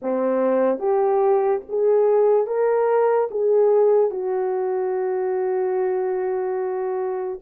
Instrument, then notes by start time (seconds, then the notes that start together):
horn
0.02 C4
0.78 G4
1.68 G#4
2.47 A#4
3.30 G#4
4.10 F#4